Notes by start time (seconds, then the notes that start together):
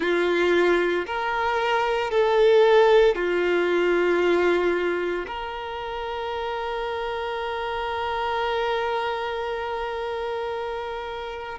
0.00 F4
1.06 A#4
2.11 A4
3.15 F4
5.27 A#4